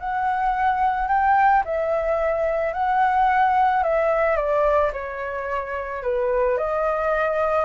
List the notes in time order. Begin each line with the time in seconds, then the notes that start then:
0.00 F#5
1.08 G5
1.65 E5
2.74 F#5
3.84 E5
4.37 D5
4.93 C#5
6.03 B4
6.58 D#5